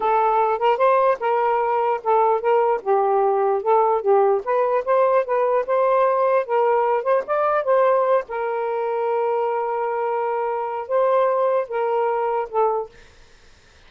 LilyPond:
\new Staff \with { instrumentName = "saxophone" } { \time 4/4 \tempo 4 = 149 a'4. ais'8 c''4 ais'4~ | ais'4 a'4 ais'4 g'4~ | g'4 a'4 g'4 b'4 | c''4 b'4 c''2 |
ais'4. c''8 d''4 c''4~ | c''8 ais'2.~ ais'8~ | ais'2. c''4~ | c''4 ais'2 a'4 | }